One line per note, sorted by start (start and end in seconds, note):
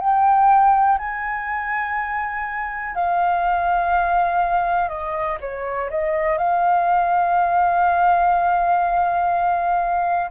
0.00 0.98 G5
0.98 2.95 G#5
2.95 4.89 F5
4.89 5.38 D#5
5.41 5.90 C#5
5.90 6.38 D#5
6.38 10.31 F5